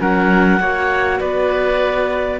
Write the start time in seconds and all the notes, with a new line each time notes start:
0.00 F#3 C#4 A#4 F#5
0.59 A#3 F#4 C#5
1.20 B3 B4 D5